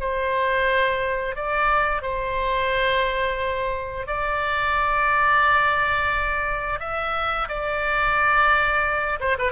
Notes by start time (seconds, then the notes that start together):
0.00 C5
1.35 D5
2.02 C5
4.07 D5
6.80 E5
7.48 D5
9.20 C5
9.38 B4